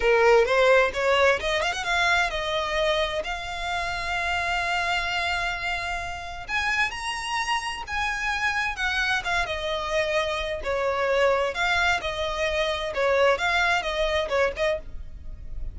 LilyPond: \new Staff \with { instrumentName = "violin" } { \time 4/4 \tempo 4 = 130 ais'4 c''4 cis''4 dis''8 f''16 fis''16 | f''4 dis''2 f''4~ | f''1~ | f''2 gis''4 ais''4~ |
ais''4 gis''2 fis''4 | f''8 dis''2~ dis''8 cis''4~ | cis''4 f''4 dis''2 | cis''4 f''4 dis''4 cis''8 dis''8 | }